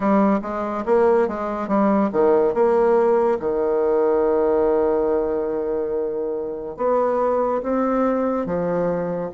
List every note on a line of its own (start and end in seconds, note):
0.00 0.40 G3
0.42 0.84 G#3
0.85 1.28 A#3
1.28 1.67 G#3
1.67 2.10 G3
2.12 2.54 D#3
2.54 3.38 A#3
3.39 6.76 D#3
6.76 7.61 B3
7.62 8.45 C4
8.45 9.30 F3